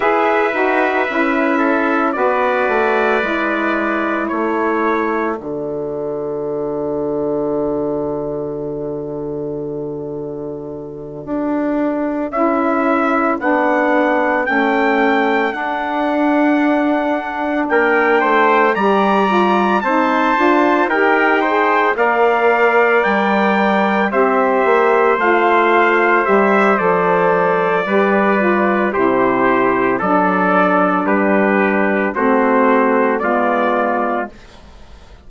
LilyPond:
<<
  \new Staff \with { instrumentName = "trumpet" } { \time 4/4 \tempo 4 = 56 e''2 d''2 | cis''4 d''2.~ | d''2.~ d''8 e''8~ | e''8 fis''4 g''4 fis''4.~ |
fis''8 g''4 ais''4 a''4 g''8~ | g''8 f''4 g''4 e''4 f''8~ | f''8 e''8 d''2 c''4 | d''4 b'4 c''4 d''4 | }
  \new Staff \with { instrumentName = "trumpet" } { \time 4/4 b'4. a'8 b'2 | a'1~ | a'1~ | a'1~ |
a'8 ais'8 c''8 d''4 c''4 ais'8 | c''8 d''2 c''4.~ | c''2 b'4 g'4 | a'4 g'4 fis'4 f'4 | }
  \new Staff \with { instrumentName = "saxophone" } { \time 4/4 gis'8 fis'8 e'4 fis'4 e'4~ | e'4 fis'2.~ | fis'2.~ fis'8 e'8~ | e'8 d'4 cis'4 d'4.~ |
d'4. g'8 f'8 dis'8 f'8 g'8 | gis'8 ais'2 g'4 f'8~ | f'8 g'8 a'4 g'8 f'8 e'4 | d'2 c'4 b4 | }
  \new Staff \with { instrumentName = "bassoon" } { \time 4/4 e'8 dis'8 cis'4 b8 a8 gis4 | a4 d2.~ | d2~ d8 d'4 cis'8~ | cis'8 b4 a4 d'4.~ |
d'8 ais8 a8 g4 c'8 d'8 dis'8~ | dis'8 ais4 g4 c'8 ais8 a8~ | a8 g8 f4 g4 c4 | fis4 g4 a4 gis4 | }
>>